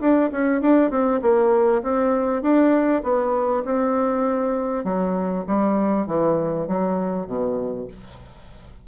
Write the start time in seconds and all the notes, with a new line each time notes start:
0.00 D4
0.32 C#4
0.61 D4
0.90 C4
1.21 A#3
1.82 C4
2.42 D4
3.03 B3
3.65 C4
4.84 F#3
5.47 G3
6.07 E3
6.67 F#3
7.27 B2